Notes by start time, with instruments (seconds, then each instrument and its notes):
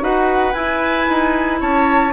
0.00 bassoon D#4, clarinet F#4, oboe B4, flute F#5
0.53 clarinet E4, bassoon E4, flute G#5
1.09 bassoon D#4
1.60 bassoon C#4, oboe C#5, flute A5